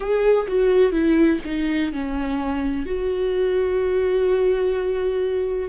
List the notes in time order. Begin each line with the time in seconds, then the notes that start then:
0.00 G#4
0.47 F#4
0.91 E4
1.44 D#4
1.92 C#4
2.86 F#4